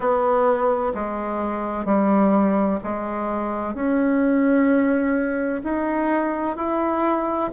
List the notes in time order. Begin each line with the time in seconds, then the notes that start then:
0.00 B3
0.94 G#3
1.85 G3
2.83 G#3
3.74 C#4
5.63 D#4
6.56 E4